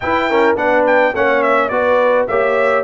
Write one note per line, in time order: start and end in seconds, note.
0.00 0.30 E4
0.00 0.56 E4
0.00 0.29 B4
0.00 0.56 G5
0.29 0.56 C#4
0.29 0.55 A#4
0.55 1.13 B3
0.55 1.13 D4
0.55 1.12 B4
0.55 0.85 F#5
0.86 1.15 G5
1.13 1.70 A#3
1.13 1.71 C#4
1.13 1.70 C#5
1.13 1.42 F#5
1.42 1.68 E5
1.68 2.27 B3
1.68 2.28 F#4
1.68 2.25 D5
1.74 2.28 B4
2.27 2.84 A#3
2.27 2.84 G4
2.27 2.84 C#5
2.27 2.84 E5